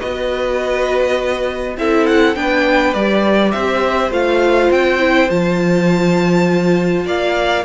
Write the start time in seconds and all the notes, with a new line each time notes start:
0.00 B3 F#4 B4 D#5
1.78 C4 E4 A4 E5
2.07 F#5
2.35 B3 D4 B4 G5
2.94 G3 G4 D5
3.52 C4 C5 E5
4.11 A3 F4 F5
4.71 C4 G5
4.99 E4
5.29 F3 F4 A5
7.06 A#3 D5 F5